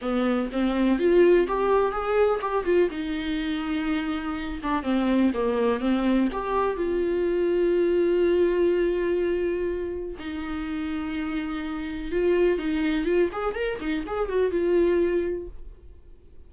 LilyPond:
\new Staff \with { instrumentName = "viola" } { \time 4/4 \tempo 4 = 124 b4 c'4 f'4 g'4 | gis'4 g'8 f'8 dis'2~ | dis'4. d'8 c'4 ais4 | c'4 g'4 f'2~ |
f'1~ | f'4 dis'2.~ | dis'4 f'4 dis'4 f'8 gis'8 | ais'8 dis'8 gis'8 fis'8 f'2 | }